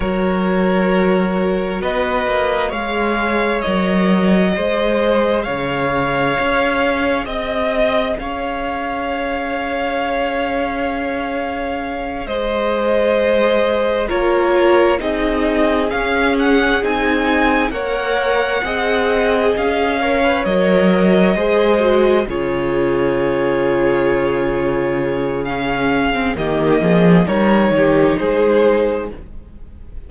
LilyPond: <<
  \new Staff \with { instrumentName = "violin" } { \time 4/4 \tempo 4 = 66 cis''2 dis''4 f''4 | dis''2 f''2 | dis''4 f''2.~ | f''4. dis''2 cis''8~ |
cis''8 dis''4 f''8 fis''8 gis''4 fis''8~ | fis''4. f''4 dis''4.~ | dis''8 cis''2.~ cis''8 | f''4 dis''4 cis''4 c''4 | }
  \new Staff \with { instrumentName = "violin" } { \time 4/4 ais'2 b'4 cis''4~ | cis''4 c''4 cis''2 | dis''4 cis''2.~ | cis''4. c''2 ais'8~ |
ais'8 gis'2. cis''8~ | cis''8 dis''4. cis''4. c''8~ | c''8 gis'2.~ gis'8~ | gis'4 g'8 gis'8 ais'8 g'8 gis'4 | }
  \new Staff \with { instrumentName = "viola" } { \time 4/4 fis'2. gis'4 | ais'4 gis'2.~ | gis'1~ | gis'2.~ gis'8 f'8~ |
f'8 dis'4 cis'4 dis'4 ais'8~ | ais'8 gis'4. ais'16 b'16 ais'4 gis'8 | fis'8 f'2.~ f'8 | cis'8. c'16 ais4 dis'2 | }
  \new Staff \with { instrumentName = "cello" } { \time 4/4 fis2 b8 ais8 gis4 | fis4 gis4 cis4 cis'4 | c'4 cis'2.~ | cis'4. gis2 ais8~ |
ais8 c'4 cis'4 c'4 ais8~ | ais8 c'4 cis'4 fis4 gis8~ | gis8 cis2.~ cis8~ | cis4 dis8 f8 g8 dis8 gis4 | }
>>